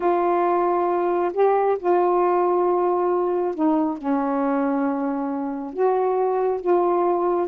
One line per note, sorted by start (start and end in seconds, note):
0.00 1.32 F4
1.33 1.77 G4
1.79 3.55 F4
3.55 3.97 D#4
3.97 5.73 C#4
5.73 6.60 F#4
6.60 7.47 F4